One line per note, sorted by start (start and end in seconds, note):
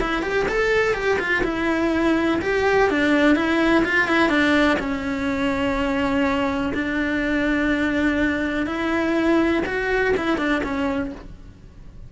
0.00 0.22 E4
0.22 0.46 G4
0.48 0.94 A4
0.94 1.18 G4
1.19 1.43 F4
1.43 2.40 E4
2.41 2.90 G4
2.90 3.36 D4
3.36 3.84 E4
3.85 4.08 F4
4.08 4.29 E4
4.29 4.77 D4
4.79 6.73 C#4
6.74 8.66 D4
8.66 9.63 E4
9.66 10.14 F#4
10.17 10.38 E4
10.38 10.62 D4
10.63 11.12 C#4